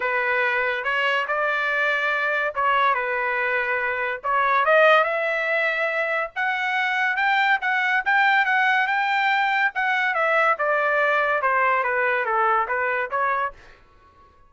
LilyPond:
\new Staff \with { instrumentName = "trumpet" } { \time 4/4 \tempo 4 = 142 b'2 cis''4 d''4~ | d''2 cis''4 b'4~ | b'2 cis''4 dis''4 | e''2. fis''4~ |
fis''4 g''4 fis''4 g''4 | fis''4 g''2 fis''4 | e''4 d''2 c''4 | b'4 a'4 b'4 cis''4 | }